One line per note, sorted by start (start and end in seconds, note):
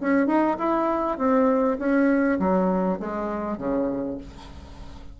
0.00 0.26 C#4
0.26 0.56 D#4
0.58 1.18 E4
1.18 1.78 C4
1.78 2.38 C#4
2.39 2.99 F#3
2.99 3.57 G#3
3.57 4.17 C#3